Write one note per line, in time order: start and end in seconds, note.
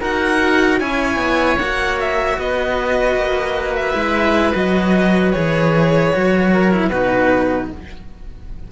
0.00 0.81 D#4
0.00 0.80 F#4
0.00 0.79 A#4
0.00 0.80 F#5
0.80 1.16 C#4
0.80 1.59 E4
0.80 2.38 C#5
0.80 1.59 G#5
1.16 1.56 B3
1.59 2.38 A#3
1.59 3.93 F#4
1.59 1.98 F#5
2.00 2.40 E5
2.38 3.16 B3
2.38 6.53 B4
2.38 3.76 D#5
3.16 3.94 A#3
3.76 4.55 E5
3.93 4.54 G#3
3.93 4.52 E4
4.55 5.34 F#3
4.55 5.34 F#4
4.55 5.32 D#5
5.32 6.15 E3
5.32 6.13 G#4
5.32 6.89 C#5
6.13 6.89 F#3
6.13 6.71 F#4
6.53 6.90 A#4
6.71 6.91 E4
6.89 7.68 B2
6.89 7.72 D#4
6.89 7.69 F#4
6.89 7.68 B4